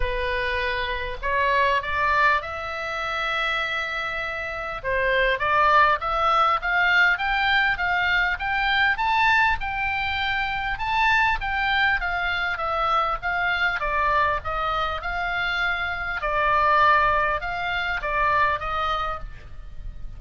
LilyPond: \new Staff \with { instrumentName = "oboe" } { \time 4/4 \tempo 4 = 100 b'2 cis''4 d''4 | e''1 | c''4 d''4 e''4 f''4 | g''4 f''4 g''4 a''4 |
g''2 a''4 g''4 | f''4 e''4 f''4 d''4 | dis''4 f''2 d''4~ | d''4 f''4 d''4 dis''4 | }